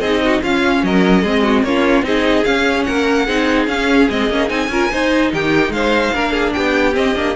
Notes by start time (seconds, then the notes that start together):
0.00 C4 D#4 G#4 D#5
0.24 F#4
0.42 C#4 F4 F5
0.83 F#3 A#4 D#5
1.22 G#3 C4 G#4
1.43 F#4
1.63 A#3 C#4 F4 C#5
2.02 C4 D#4 G#4 D#5
2.44 C#4 F5
2.84 A#3 A#4 F#5
3.26 C4 D#4 G#4
3.67 C#4 F5
4.10 G#3 C4 D#5
4.30 A#3 C#4
4.48 C4 D#4 G#5
4.68 C#4 F4 A#4
4.91 D#4 C5
5.33 D#3 G4 G5
5.69 G#3 C5 F5
6.14 A#3 D4 A#4
6.33 G#4
6.53 B3 G4 G5
6.93 C4 D#5
7.16 A#3 D4